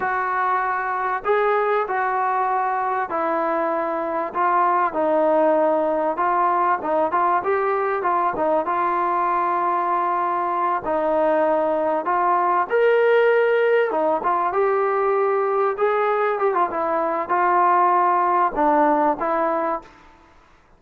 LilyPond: \new Staff \with { instrumentName = "trombone" } { \time 4/4 \tempo 4 = 97 fis'2 gis'4 fis'4~ | fis'4 e'2 f'4 | dis'2 f'4 dis'8 f'8 | g'4 f'8 dis'8 f'2~ |
f'4. dis'2 f'8~ | f'8 ais'2 dis'8 f'8 g'8~ | g'4. gis'4 g'16 f'16 e'4 | f'2 d'4 e'4 | }